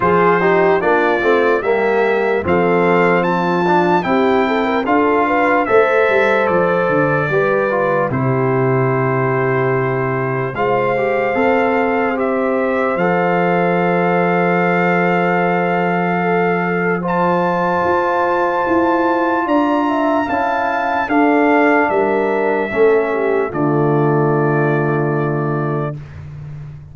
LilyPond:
<<
  \new Staff \with { instrumentName = "trumpet" } { \time 4/4 \tempo 4 = 74 c''4 d''4 e''4 f''4 | a''4 g''4 f''4 e''4 | d''2 c''2~ | c''4 f''2 e''4 |
f''1~ | f''4 a''2. | ais''4 a''4 f''4 e''4~ | e''4 d''2. | }
  \new Staff \with { instrumentName = "horn" } { \time 4/4 gis'8 g'8 f'4 g'4 a'4 | f'4 g'8 a'16 ais'16 a'8 b'8 c''4~ | c''4 b'4 g'2~ | g'4 c''2.~ |
c''1 | a'4 c''2. | d''8 e''8 f''4 a'4 ais'4 | a'8 g'8 f'2. | }
  \new Staff \with { instrumentName = "trombone" } { \time 4/4 f'8 dis'8 d'8 c'8 ais4 c'4~ | c'8 d'8 e'4 f'4 a'4~ | a'4 g'8 f'8 e'2~ | e'4 f'8 g'8 a'4 g'4 |
a'1~ | a'4 f'2.~ | f'4 e'4 d'2 | cis'4 a2. | }
  \new Staff \with { instrumentName = "tuba" } { \time 4/4 f4 ais8 a8 g4 f4~ | f4 c'4 d'4 a8 g8 | f8 d8 g4 c2~ | c4 gis4 c'2 |
f1~ | f2 f'4 e'4 | d'4 cis'4 d'4 g4 | a4 d2. | }
>>